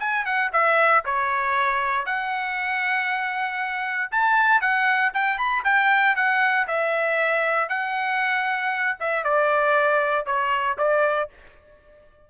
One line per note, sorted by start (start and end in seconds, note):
0.00 0.26 G#5
0.26 0.51 F#5
0.53 1.05 E5
1.05 2.07 C#5
2.07 4.12 F#5
4.12 4.62 A5
4.62 5.13 F#5
5.14 5.38 G5
5.38 5.64 B5
5.65 6.16 G5
6.16 6.68 F#5
6.68 7.69 E5
7.69 8.98 F#5
9.00 9.24 E5
9.24 10.26 D5
10.26 10.78 C#5
10.79 11.30 D5